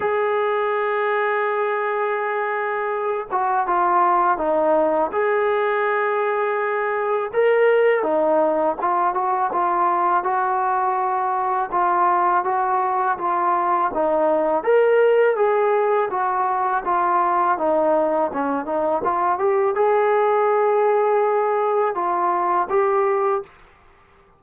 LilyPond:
\new Staff \with { instrumentName = "trombone" } { \time 4/4 \tempo 4 = 82 gis'1~ | gis'8 fis'8 f'4 dis'4 gis'4~ | gis'2 ais'4 dis'4 | f'8 fis'8 f'4 fis'2 |
f'4 fis'4 f'4 dis'4 | ais'4 gis'4 fis'4 f'4 | dis'4 cis'8 dis'8 f'8 g'8 gis'4~ | gis'2 f'4 g'4 | }